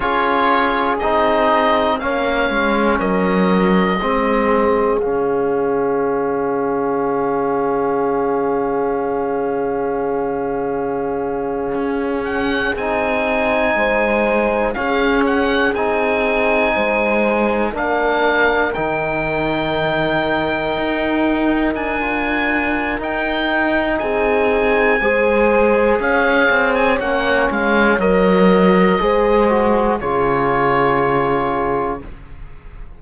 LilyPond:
<<
  \new Staff \with { instrumentName = "oboe" } { \time 4/4 \tempo 4 = 60 cis''4 dis''4 f''4 dis''4~ | dis''4 f''2.~ | f''1~ | f''16 fis''8 gis''2 f''8 fis''8 gis''16~ |
gis''4.~ gis''16 f''4 g''4~ g''16~ | g''4.~ g''16 gis''4~ gis''16 g''4 | gis''2 f''8. gis''16 fis''8 f''8 | dis''2 cis''2 | }
  \new Staff \with { instrumentName = "horn" } { \time 4/4 gis'2 cis''4 ais'4 | gis'1~ | gis'1~ | gis'4.~ gis'16 c''4 gis'4~ gis'16~ |
gis'8. c''4 ais'2~ ais'16~ | ais'1 | gis'4 c''4 cis''2~ | cis''4 c''4 gis'2 | }
  \new Staff \with { instrumentName = "trombone" } { \time 4/4 f'4 dis'4 cis'2 | c'4 cis'2.~ | cis'1~ | cis'8. dis'2 cis'4 dis'16~ |
dis'4.~ dis'16 d'4 dis'4~ dis'16~ | dis'2 f'4 dis'4~ | dis'4 gis'2 cis'4 | ais'4 gis'8 fis'8 f'2 | }
  \new Staff \with { instrumentName = "cello" } { \time 4/4 cis'4 c'4 ais8 gis8 fis4 | gis4 cis2.~ | cis2.~ cis8. cis'16~ | cis'8. c'4 gis4 cis'4 c'16~ |
c'8. gis4 ais4 dis4~ dis16~ | dis8. dis'4 d'4~ d'16 dis'4 | c'4 gis4 cis'8 c'8 ais8 gis8 | fis4 gis4 cis2 | }
>>